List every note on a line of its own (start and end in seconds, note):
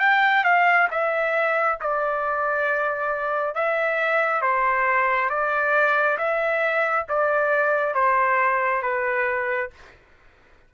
0.00 0.44 G5
0.44 0.88 F5
0.91 1.79 E5
1.81 3.55 D5
3.55 4.42 E5
4.42 5.30 C5
5.30 6.18 D5
6.18 7.06 E5
7.09 7.95 D5
7.95 8.82 C5
8.82 9.71 B4